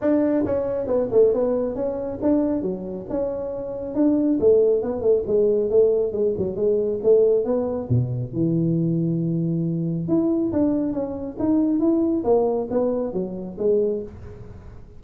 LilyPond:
\new Staff \with { instrumentName = "tuba" } { \time 4/4 \tempo 4 = 137 d'4 cis'4 b8 a8 b4 | cis'4 d'4 fis4 cis'4~ | cis'4 d'4 a4 b8 a8 | gis4 a4 gis8 fis8 gis4 |
a4 b4 b,4 e4~ | e2. e'4 | d'4 cis'4 dis'4 e'4 | ais4 b4 fis4 gis4 | }